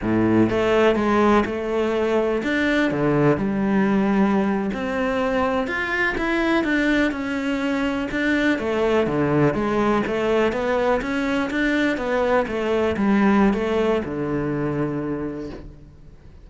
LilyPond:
\new Staff \with { instrumentName = "cello" } { \time 4/4 \tempo 4 = 124 a,4 a4 gis4 a4~ | a4 d'4 d4 g4~ | g4.~ g16 c'2 f'16~ | f'8. e'4 d'4 cis'4~ cis'16~ |
cis'8. d'4 a4 d4 gis16~ | gis8. a4 b4 cis'4 d'16~ | d'8. b4 a4 g4~ g16 | a4 d2. | }